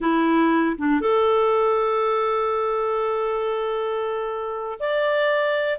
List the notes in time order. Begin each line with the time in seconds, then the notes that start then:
0.00 E4
0.77 D4
1.00 A4
4.79 D5